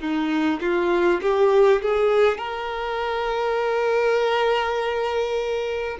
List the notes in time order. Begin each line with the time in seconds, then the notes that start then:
0.00 D#4
0.61 F4
1.21 G4
1.82 G#4
2.37 A#4